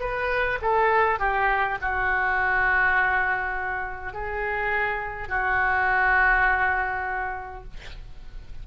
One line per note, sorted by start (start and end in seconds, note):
0.00 0.59 B4
0.61 1.19 A4
1.19 1.78 G4
1.82 4.13 F#4
4.13 5.29 G#4
5.29 7.64 F#4